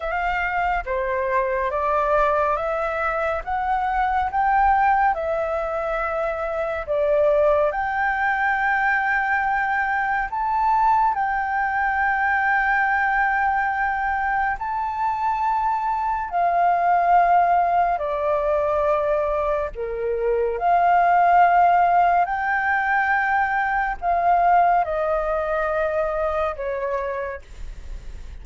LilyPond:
\new Staff \with { instrumentName = "flute" } { \time 4/4 \tempo 4 = 70 f''4 c''4 d''4 e''4 | fis''4 g''4 e''2 | d''4 g''2. | a''4 g''2.~ |
g''4 a''2 f''4~ | f''4 d''2 ais'4 | f''2 g''2 | f''4 dis''2 cis''4 | }